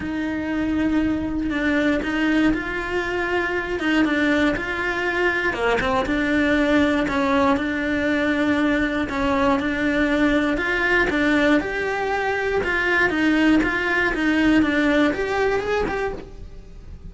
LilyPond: \new Staff \with { instrumentName = "cello" } { \time 4/4 \tempo 4 = 119 dis'2. d'4 | dis'4 f'2~ f'8 dis'8 | d'4 f'2 ais8 c'8 | d'2 cis'4 d'4~ |
d'2 cis'4 d'4~ | d'4 f'4 d'4 g'4~ | g'4 f'4 dis'4 f'4 | dis'4 d'4 g'4 gis'8 g'8 | }